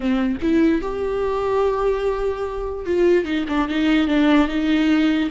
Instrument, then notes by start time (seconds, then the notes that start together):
viola
0.00 C4
0.42 E4
0.81 G4
2.85 F4
3.24 D#4
3.48 D4
3.68 D#4
4.07 D4
4.48 D#4